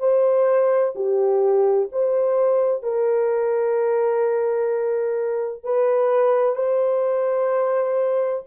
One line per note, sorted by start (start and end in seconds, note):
0.00 0.94 C5
0.96 1.90 G4
1.93 2.83 C5
2.83 5.64 A#4
5.64 6.56 B4
6.56 8.44 C5